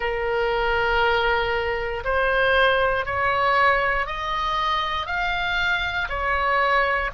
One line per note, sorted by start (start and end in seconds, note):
0.00 2.03 A#4
2.04 3.05 C5
3.05 4.06 C#5
4.06 5.06 D#5
5.06 6.08 F5
6.09 7.10 C#5